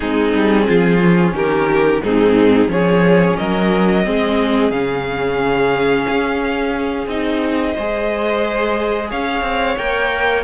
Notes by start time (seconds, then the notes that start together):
0.00 G#3 C4 D#4 G#4
0.33 G3
0.66 F3 F4
1.01 C#4
1.32 D#3 G4 A#4
2.03 G#2 C4 D#4 G#4
2.67 F3 C#4 G#4 C#5
3.36 F#3 A#4 D#5
4.04 G#3 C4 G#4
4.70 C#3 C#4 F5
6.09 C#4
7.06 C4 D#4 D#5
7.73 G#3 G#4 C5
9.09 C#4 C#5 F5
9.41 C4
9.77 A#3 A#4 G5